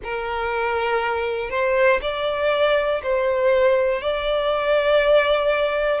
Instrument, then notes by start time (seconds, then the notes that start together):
violin
0.03 A#4
1.50 C5
2.01 D5
3.02 C5
4.01 D5